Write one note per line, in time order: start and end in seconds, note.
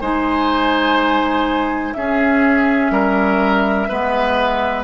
0.00 1.95 G#3
0.00 1.95 D#4
0.00 1.94 C5
0.00 1.93 G#5
1.93 3.89 C#4
1.93 2.91 C#4
1.93 2.92 G#4
1.93 4.84 E5
2.91 3.87 G3
2.91 3.89 A#4
3.89 4.84 G#3
3.89 4.84 B3
3.89 4.84 B4